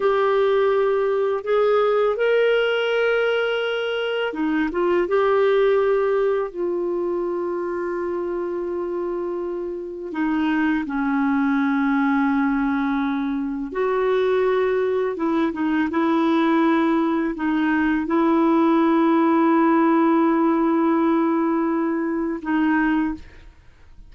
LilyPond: \new Staff \with { instrumentName = "clarinet" } { \time 4/4 \tempo 4 = 83 g'2 gis'4 ais'4~ | ais'2 dis'8 f'8 g'4~ | g'4 f'2.~ | f'2 dis'4 cis'4~ |
cis'2. fis'4~ | fis'4 e'8 dis'8 e'2 | dis'4 e'2.~ | e'2. dis'4 | }